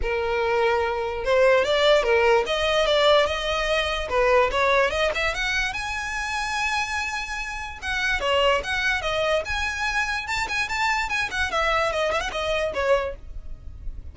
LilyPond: \new Staff \with { instrumentName = "violin" } { \time 4/4 \tempo 4 = 146 ais'2. c''4 | d''4 ais'4 dis''4 d''4 | dis''2 b'4 cis''4 | dis''8 e''8 fis''4 gis''2~ |
gis''2. fis''4 | cis''4 fis''4 dis''4 gis''4~ | gis''4 a''8 gis''8 a''4 gis''8 fis''8 | e''4 dis''8 e''16 fis''16 dis''4 cis''4 | }